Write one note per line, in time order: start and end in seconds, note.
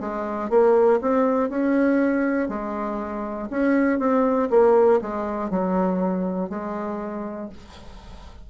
0.00 0.50 G#3
0.50 1.00 A#3
1.01 1.50 C4
1.50 2.49 C#4
2.49 3.49 G#3
3.50 3.99 C#4
3.99 4.49 C4
4.50 5.00 A#3
5.01 5.50 G#3
5.50 6.50 F#3
6.50 7.50 G#3